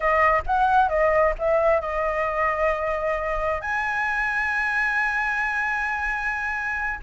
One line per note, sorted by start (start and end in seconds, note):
0.00 0.42 D#5
0.46 0.88 F#5
0.88 1.33 D#5
1.38 1.80 E5
1.80 3.61 D#5
3.61 6.99 G#5